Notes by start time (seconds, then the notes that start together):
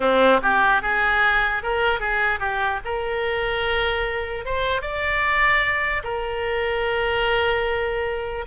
0.00 C4
0.42 G4
0.82 G#4
1.62 A#4
1.99 G#4
2.39 G4
2.84 A#4
4.45 C5
4.81 D5
6.03 A#4